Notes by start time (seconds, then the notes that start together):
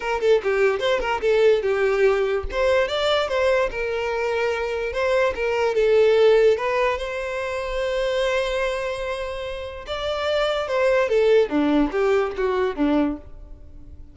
0.00 A#4
0.21 A4
0.43 G4
0.79 C5
1.00 A#4
1.21 A4
1.62 G4
2.51 C5
2.87 D5
3.28 C5
3.70 A#4
4.92 C5
5.35 A#4
5.74 A4
6.57 B4
6.98 C5
9.86 D5
10.67 C5
11.09 A4
11.49 D4
11.91 G4
12.36 F#4
12.75 D4